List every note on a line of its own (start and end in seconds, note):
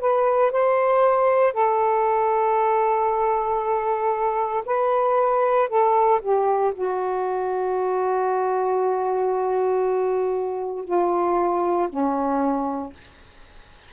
0.00 0.52 B4
0.52 1.53 C5
1.53 4.64 A4
4.66 5.69 B4
5.69 6.21 A4
6.22 6.74 G4
6.75 10.85 F#4
10.85 11.89 F4
11.90 12.93 C#4